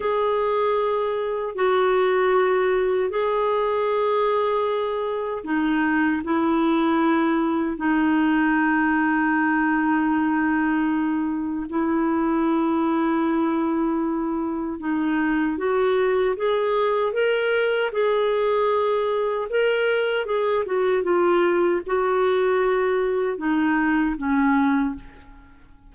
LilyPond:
\new Staff \with { instrumentName = "clarinet" } { \time 4/4 \tempo 4 = 77 gis'2 fis'2 | gis'2. dis'4 | e'2 dis'2~ | dis'2. e'4~ |
e'2. dis'4 | fis'4 gis'4 ais'4 gis'4~ | gis'4 ais'4 gis'8 fis'8 f'4 | fis'2 dis'4 cis'4 | }